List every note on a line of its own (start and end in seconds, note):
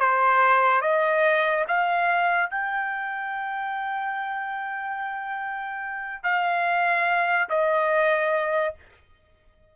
0.00 0.82 C5
0.82 1.65 D#5
1.68 2.50 F5
2.50 6.23 G5
6.23 7.48 F5
7.50 8.75 D#5